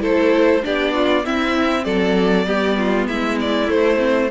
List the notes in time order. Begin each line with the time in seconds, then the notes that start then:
0.00 A3 E4 A4 C5
0.62 B3 D4 G4 D5
0.94 F4
1.24 C4 E4 E5
1.84 F#3 A4 D5
2.46 G3 B3 G4
2.78 F4
3.07 G#3 E4 E5
3.40 D5
3.67 A3 C5
3.98 C4